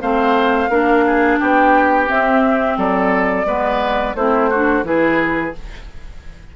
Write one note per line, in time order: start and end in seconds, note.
0.00 0.69 A3
0.00 0.69 C4
0.00 0.70 C5
0.00 1.39 F5
0.69 1.38 A#3
0.69 2.07 D4
0.69 1.04 A#4
1.06 1.39 G#4
1.39 2.09 B3
1.39 2.77 G4
1.39 2.09 G5
2.07 3.45 C4
2.07 2.77 C4
2.07 2.78 E5
2.77 3.45 F#3
2.77 3.46 A4
2.77 4.16 D5
3.45 4.14 G#3
3.45 4.14 B3
3.45 4.16 B4
4.14 4.83 A3
4.14 4.53 C4
4.14 4.49 E4
4.14 4.84 C5
4.49 4.84 D4
4.49 4.84 F#4
4.83 5.52 E3
4.83 5.53 E4
4.83 5.56 G#4
4.83 5.54 B4